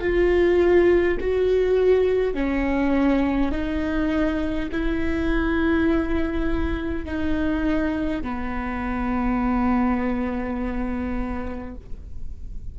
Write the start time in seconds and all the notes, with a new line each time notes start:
0.00 F4
1.20 F#4
2.34 C#4
3.51 D#4
4.72 E4
7.05 D#4
8.22 B3